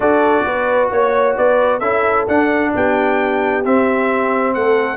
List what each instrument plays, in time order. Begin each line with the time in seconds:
0.00 tuba D4, trombone F#4, horn A4, trumpet D5
0.45 tuba B3, horn B4
0.90 tuba A#3, trumpet C#5, horn C#5
1.37 tuba B3, horn B4, trumpet D5
1.79 tuba C#4, trombone E4, horn A4, trumpet E5
2.27 tuba D4, trombone D4, trumpet F#5
2.75 tuba B3, horn G4, trumpet G5
3.64 trombone C4, tuba C4, trumpet E5
4.54 tuba A3, horn A4, trumpet F#5